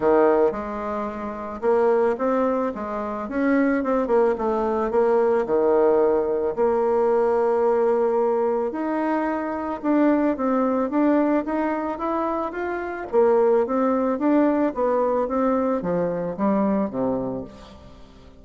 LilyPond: \new Staff \with { instrumentName = "bassoon" } { \time 4/4 \tempo 4 = 110 dis4 gis2 ais4 | c'4 gis4 cis'4 c'8 ais8 | a4 ais4 dis2 | ais1 |
dis'2 d'4 c'4 | d'4 dis'4 e'4 f'4 | ais4 c'4 d'4 b4 | c'4 f4 g4 c4 | }